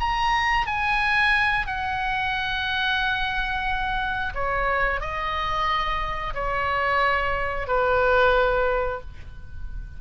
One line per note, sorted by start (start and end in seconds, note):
0.00 0.67 A#5
0.67 1.67 G#5
1.67 4.34 F#5
4.35 5.01 C#5
5.01 6.34 D#5
6.34 7.68 C#5
7.68 9.01 B4